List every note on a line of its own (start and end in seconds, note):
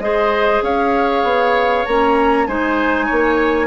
0.00 0.61 G#3
0.00 1.85 G#4
0.00 0.64 C5
0.00 0.62 D#5
0.62 1.23 C#4
0.62 2.47 C#5
0.62 1.86 F5
1.23 1.85 B3
1.86 2.48 A#3
1.86 2.48 C#4
1.86 2.47 A#5
2.47 3.09 G#3
2.47 3.67 D#4
2.47 3.06 C5
2.47 3.67 G#5
3.06 3.67 A#3
3.06 3.67 C#5